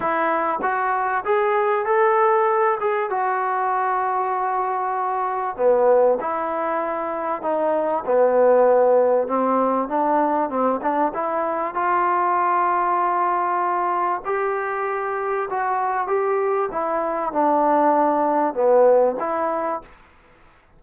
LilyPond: \new Staff \with { instrumentName = "trombone" } { \time 4/4 \tempo 4 = 97 e'4 fis'4 gis'4 a'4~ | a'8 gis'8 fis'2.~ | fis'4 b4 e'2 | dis'4 b2 c'4 |
d'4 c'8 d'8 e'4 f'4~ | f'2. g'4~ | g'4 fis'4 g'4 e'4 | d'2 b4 e'4 | }